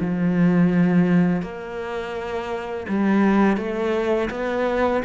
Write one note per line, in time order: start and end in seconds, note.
0.00 1.42 F3
1.42 2.87 A#3
2.88 3.57 G3
3.57 4.29 A3
4.31 5.03 B3